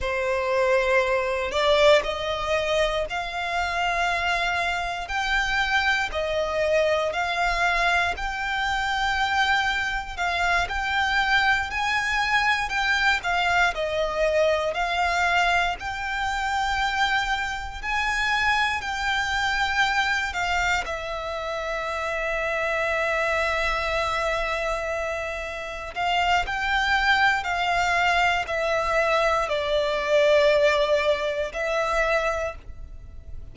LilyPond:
\new Staff \with { instrumentName = "violin" } { \time 4/4 \tempo 4 = 59 c''4. d''8 dis''4 f''4~ | f''4 g''4 dis''4 f''4 | g''2 f''8 g''4 gis''8~ | gis''8 g''8 f''8 dis''4 f''4 g''8~ |
g''4. gis''4 g''4. | f''8 e''2.~ e''8~ | e''4. f''8 g''4 f''4 | e''4 d''2 e''4 | }